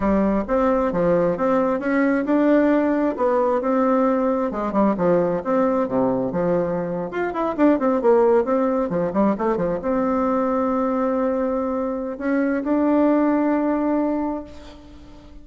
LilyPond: \new Staff \with { instrumentName = "bassoon" } { \time 4/4 \tempo 4 = 133 g4 c'4 f4 c'4 | cis'4 d'2 b4 | c'2 gis8 g8 f4 | c'4 c4 f4.~ f16 f'16~ |
f'16 e'8 d'8 c'8 ais4 c'4 f16~ | f16 g8 a8 f8 c'2~ c'16~ | c'2. cis'4 | d'1 | }